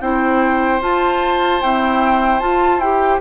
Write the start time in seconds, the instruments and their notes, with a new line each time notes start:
0.00 bassoon C4, clarinet E4, oboe C5, flute G5
0.80 bassoon F4, clarinet F4, flute A5
1.61 clarinet C4, bassoon E4, flute G5
2.40 clarinet F4, bassoon F4, flute A5
2.78 bassoon E4, clarinet G4, flute G5